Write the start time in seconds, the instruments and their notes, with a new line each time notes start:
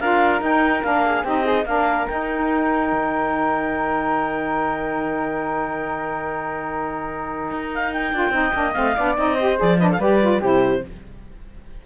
0.00 cello D4, saxophone F4, flute A#4, clarinet F5
0.40 saxophone D#4, cello D#4, clarinet G5
0.84 cello A#3, saxophone D4, clarinet F5
1.06 flute G#4
1.24 cello C4, saxophone D#4, flute G4, clarinet D#5
1.44 flute D#4, saxophone G#4
1.65 cello A#3, saxophone D4, flute A#4, clarinet F5
2.08 saxophone D#4, cello D#4, clarinet G5
2.93 cello D#3
7.51 cello D#4
7.75 clarinet F5
7.93 clarinet G5
8.14 cello D4, saxophone F4
8.30 cello C4, saxophone D#4, flute D#5
8.54 cello A#3, saxophone D4
8.74 cello A3, saxophone C4, clarinet F5
8.97 cello B3, saxophone D4, flute D5
9.18 cello C4, saxophone D#4, clarinet D#5
9.36 saxophone G4, flute C5
9.57 cello F3, saxophone G#4, clarinet D5
9.79 saxophone D4, flute B4, clarinet D#5
9.89 flute A4, clarinet F5
9.99 cello G3, saxophone G4, flute B4, clarinet D5
10.21 saxophone F4
10.41 cello C3, saxophone E4, flute G4, clarinet C5